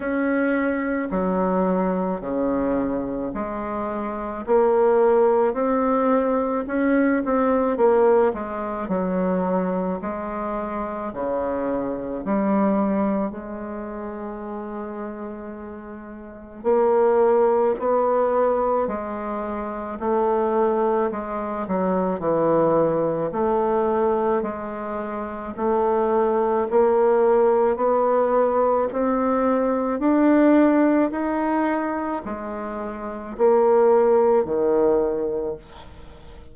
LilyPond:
\new Staff \with { instrumentName = "bassoon" } { \time 4/4 \tempo 4 = 54 cis'4 fis4 cis4 gis4 | ais4 c'4 cis'8 c'8 ais8 gis8 | fis4 gis4 cis4 g4 | gis2. ais4 |
b4 gis4 a4 gis8 fis8 | e4 a4 gis4 a4 | ais4 b4 c'4 d'4 | dis'4 gis4 ais4 dis4 | }